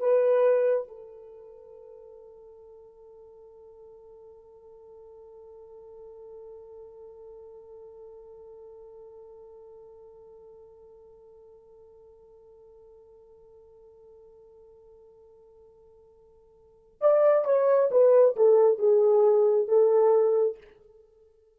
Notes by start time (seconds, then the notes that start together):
0.00 B4
0.88 A4
17.01 D5
17.45 C#5
17.91 B4
18.37 A4
18.78 G#4
19.68 A4